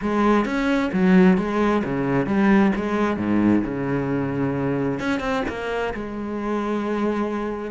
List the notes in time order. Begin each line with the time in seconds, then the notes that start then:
0.01 G#3
0.45 C#4
0.93 F#3
1.37 G#3
1.84 C#3
2.26 G3
2.75 G#3
3.17 G#2
3.64 C#3
4.99 C#4
5.19 C4
5.48 A#3
5.94 G#3